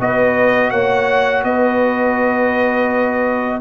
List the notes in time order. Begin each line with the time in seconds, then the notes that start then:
0.00 B3 F#4 B4 D#5
0.71 A#3 C#5 F#5
1.44 B3 B4 D#5